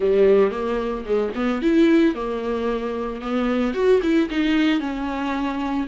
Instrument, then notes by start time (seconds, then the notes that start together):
viola
0.00 G3
0.51 A#3
1.05 G#3
1.35 B3
1.62 E4
2.14 A#3
3.21 B3
3.74 F#4
4.02 E4
4.30 D#4
4.79 C#4